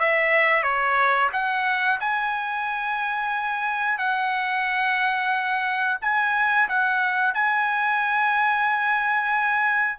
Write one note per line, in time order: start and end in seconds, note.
0.00 0.63 E5
0.63 1.30 C#5
1.33 2.00 F#5
2.01 3.99 G#5
3.99 5.99 F#5
6.02 6.69 G#5
6.69 7.35 F#5
7.35 9.99 G#5